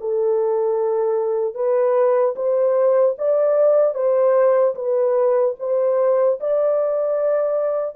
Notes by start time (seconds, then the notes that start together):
0.00 A4
1.55 B4
2.36 C5
3.18 D5
3.95 C5
4.75 B4
5.60 C5
6.40 D5